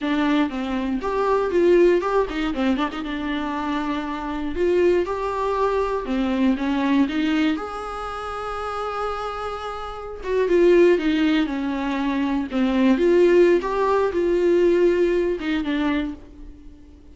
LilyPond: \new Staff \with { instrumentName = "viola" } { \time 4/4 \tempo 4 = 119 d'4 c'4 g'4 f'4 | g'8 dis'8 c'8 d'16 dis'16 d'2~ | d'4 f'4 g'2 | c'4 cis'4 dis'4 gis'4~ |
gis'1~ | gis'16 fis'8 f'4 dis'4 cis'4~ cis'16~ | cis'8. c'4 f'4~ f'16 g'4 | f'2~ f'8 dis'8 d'4 | }